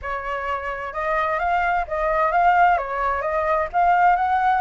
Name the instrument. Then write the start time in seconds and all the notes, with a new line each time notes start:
flute
0.02 C#5
0.93 D#5
1.39 F5
1.87 D#5
2.31 F5
2.77 C#5
3.21 D#5
3.72 F5
4.16 F#5